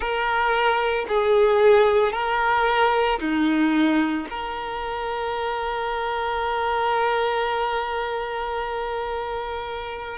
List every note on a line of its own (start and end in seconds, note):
0.00 1.06 A#4
1.08 2.12 G#4
2.12 3.19 A#4
3.19 4.27 D#4
4.30 10.17 A#4